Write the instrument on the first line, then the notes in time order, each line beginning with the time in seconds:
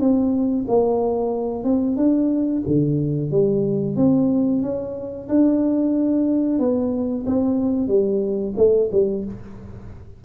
tuba
0.00 C4
0.68 A#3
1.64 C4
1.97 D4
2.67 D3
3.31 G3
3.97 C4
4.63 C#4
5.29 D4
6.59 B3
7.26 C4
7.88 G3
8.57 A3
8.92 G3